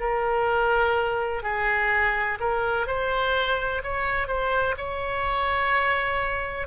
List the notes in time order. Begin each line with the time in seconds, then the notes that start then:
0.00 A#4
1.43 G#4
2.40 A#4
2.87 C5
3.83 C#5
4.27 C5
4.77 C#5